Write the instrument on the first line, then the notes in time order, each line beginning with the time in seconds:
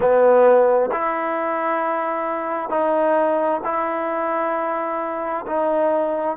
trombone
0.00 B3
0.92 E4
2.69 D#4
3.64 E4
5.46 D#4